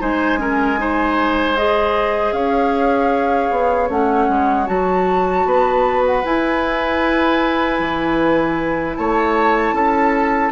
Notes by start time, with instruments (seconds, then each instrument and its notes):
0.00 bassoon G#3, clarinet D#4, oboe C5, flute G#5
0.38 clarinet C#4, oboe A#4
0.77 clarinet D#4, oboe C5
1.56 clarinet G#4, flute D#5
2.32 bassoon C#4, oboe C#5, flute F5
3.51 bassoon B3
3.89 bassoon A3, clarinet C#4, flute F#5
4.29 bassoon G#3
4.66 bassoon F#3, clarinet F#4, flute A5
5.45 bassoon B3, oboe B4
6.06 flute F#5
6.24 clarinet E4, bassoon E4, flute G#5
7.79 bassoon E3
8.96 bassoon A3, oboe C#5, flute A5
9.72 bassoon C#4, oboe A4